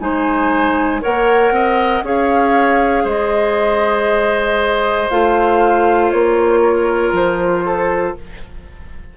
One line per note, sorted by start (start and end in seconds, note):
0.00 1.02 G#3
0.00 1.01 D#4
0.00 1.02 C5
0.00 1.02 G#5
1.01 1.51 A#3
1.01 2.03 A#4
1.01 1.53 C#5
1.01 2.05 F#5
1.51 2.02 C4
1.51 2.05 D#5
2.02 3.04 C#4
2.02 5.10 G#4
2.02 3.04 C#5
2.02 3.07 F5
3.04 5.08 G#3
3.04 6.60 C5
3.04 5.10 D#5
5.10 6.12 A3
5.10 8.16 F4
5.10 6.11 F5
6.11 7.12 A#3
6.11 7.12 C#5
6.62 7.64 A#4
7.12 8.14 F3
7.12 8.17 C5
7.65 8.16 A4